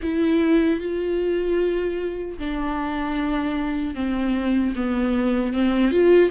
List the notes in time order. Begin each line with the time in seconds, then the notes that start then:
0.02 E4
0.80 F4
2.38 D4
3.95 C4
4.75 B3
5.53 C4
5.91 F4